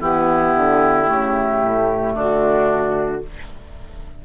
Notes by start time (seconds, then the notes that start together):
0.00 E3 B3 E4 G4
0.56 D3
1.05 C#3 A3
1.63 A2
2.14 D3 D4 F#4